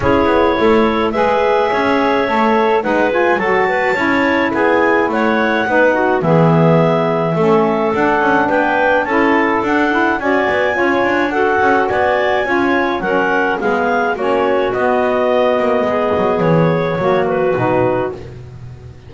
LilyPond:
<<
  \new Staff \with { instrumentName = "clarinet" } { \time 4/4 \tempo 4 = 106 cis''2 e''2~ | e''4 fis''8 gis''8 a''2 | gis''4 fis''2 e''4~ | e''2 fis''4 g''4 |
a''4 fis''4 gis''2 | fis''4 gis''2 fis''4 | f''4 cis''4 dis''2~ | dis''4 cis''4. b'4. | }
  \new Staff \with { instrumentName = "clarinet" } { \time 4/4 gis'4 a'4 b'4 cis''4~ | cis''4 b'4 a'8 b'8 cis''4 | gis'4 cis''4 b'8 fis'8 gis'4~ | gis'4 a'2 b'4 |
a'2 d''4 cis''4 | a'4 d''4 cis''4 ais'4 | gis'4 fis'2. | gis'2 fis'2 | }
  \new Staff \with { instrumentName = "saxophone" } { \time 4/4 e'2 gis'2 | a'4 dis'8 f'8 fis'4 e'4~ | e'2 dis'4 b4~ | b4 cis'4 d'2 |
e'4 d'8 e'8 fis'4 f'4 | fis'2 f'4 cis'4 | b4 cis'4 b2~ | b2 ais4 dis'4 | }
  \new Staff \with { instrumentName = "double bass" } { \time 4/4 cis'8 b8 a4 gis4 cis'4 | a4 gis4 fis4 cis'4 | b4 a4 b4 e4~ | e4 a4 d'8 cis'8 b4 |
cis'4 d'4 cis'8 b8 cis'8 d'8~ | d'8 cis'8 b4 cis'4 fis4 | gis4 ais4 b4. ais8 | gis8 fis8 e4 fis4 b,4 | }
>>